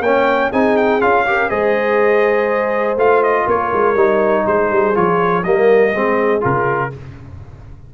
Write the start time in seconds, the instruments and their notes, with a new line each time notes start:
0.00 tuba A#3, trombone C#4, horn C#5, trumpet G5
0.49 tuba C4, trombone D#4, horn G#4, trumpet G#5
0.77 trumpet G5
1.01 tuba C#4, trombone F4, trumpet F5
1.26 trombone G4, horn A#4
1.48 tuba G#3, trombone G#4, horn C5, trumpet D#5
2.96 tuba A3, trombone F4, trumpet F5
3.23 trumpet D#5
3.46 tuba A#3, horn A#4, trumpet C#5
3.73 tuba G#3
3.95 tuba G3, trombone D#4
4.47 tuba G#3, horn G#4, trumpet C5
4.71 tuba G3
4.94 tuba F3, trombone F4, trumpet C#5
5.43 tuba G3, trombone A#3, horn A#4, trumpet D#5
5.94 tuba G#3, trombone C4, horn G#4
6.40 tuba C#3, trombone F4, trumpet A#4